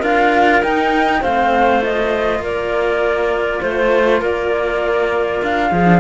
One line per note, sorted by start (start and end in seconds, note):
0.00 0.62 D4
0.00 0.62 F4
0.00 1.20 A#4
0.00 0.63 F5
0.62 1.23 D#4
0.62 1.21 D#4
0.62 1.23 G5
1.21 2.39 A3
1.21 1.81 C4
1.21 2.41 C5
1.21 1.83 F5
1.81 5.84 F4
1.81 2.43 D#5
2.39 3.59 A#3
2.39 3.62 A#4
2.39 3.62 D5
3.62 4.22 A3
3.62 4.20 C5
3.62 4.22 C5
4.20 5.42 A#3
4.20 5.70 A#4
4.20 5.43 D5
5.42 5.71 D4
5.42 6.00 F5
5.71 6.00 F3
5.71 6.00 G#4
5.84 5.99 D4